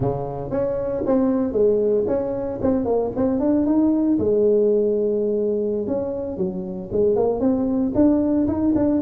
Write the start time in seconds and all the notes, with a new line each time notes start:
0.00 C#3
0.51 C#4
1.06 C4
1.52 G#3
2.07 C#4
2.61 C4
2.85 A#3
3.16 C4
3.39 D4
3.66 D#4
4.18 G#3
5.87 C#4
6.37 F#3
6.91 G#3
7.15 A#3
7.40 C4
7.94 D4
8.47 D#4
8.75 D4